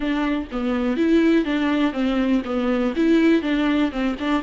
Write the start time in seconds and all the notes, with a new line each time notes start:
0.00 D4
0.51 B3
0.97 E4
1.44 D4
1.92 C4
2.45 B3
2.96 E4
3.42 D4
3.91 C4
4.19 D4